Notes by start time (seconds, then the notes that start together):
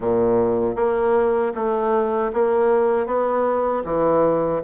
0.00 A#2
0.75 A#3
1.54 A3
2.33 A#3
3.06 B3
3.84 E3